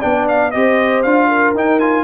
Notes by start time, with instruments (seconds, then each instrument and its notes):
0.00 tuba B3, trombone D4, horn D5, trumpet G5
0.29 trumpet F5
0.52 tuba C4, trombone G4, horn C5, trumpet D#5
1.03 tuba D4, trombone F4, trumpet F5
1.28 horn A#4
1.55 tuba D#4, trombone D#4, trumpet G5
1.80 trombone F4, trumpet G#5